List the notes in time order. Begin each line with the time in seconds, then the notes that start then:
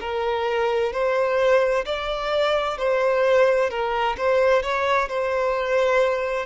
0.00 A#4
0.92 C5
1.85 D5
2.78 C5
3.70 A#4
4.17 C5
4.62 C#5
5.08 C5